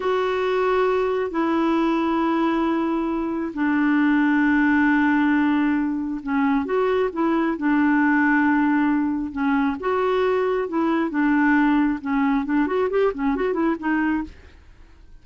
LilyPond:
\new Staff \with { instrumentName = "clarinet" } { \time 4/4 \tempo 4 = 135 fis'2. e'4~ | e'1 | d'1~ | d'2 cis'4 fis'4 |
e'4 d'2.~ | d'4 cis'4 fis'2 | e'4 d'2 cis'4 | d'8 fis'8 g'8 cis'8 fis'8 e'8 dis'4 | }